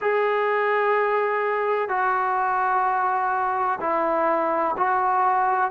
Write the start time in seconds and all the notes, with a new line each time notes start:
0.01 G#4
1.88 F#4
3.80 E4
4.77 F#4